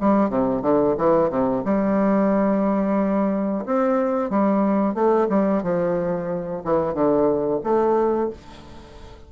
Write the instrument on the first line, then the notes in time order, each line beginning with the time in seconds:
bassoon
0.00 G3
0.29 C3
0.62 D3
0.97 E3
1.30 C3
1.65 G3
3.65 C4
4.29 G3
4.94 A3
5.29 G3
5.62 F3
6.64 E3
6.94 D3
7.63 A3